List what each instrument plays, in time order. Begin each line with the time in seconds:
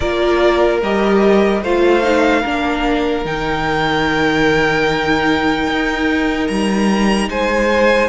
0.00 cello A#3, viola F4, violin A#4 D5
0.82 cello G3, viola G4, violin D#5
1.62 cello A3, viola F4, violin C5 F5
2.02 viola D#4
2.41 cello A#3, viola D4, violin A#4
3.24 cello D#3, viola D#4, violin G5
5.67 cello D#4
6.47 cello G3, violin A#5
7.29 cello G#3, violin C5 G#5